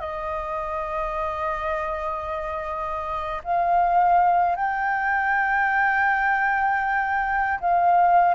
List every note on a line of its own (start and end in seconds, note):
0.00 3.42 D#5
3.44 4.56 F5
4.56 7.59 G5
7.61 8.34 F5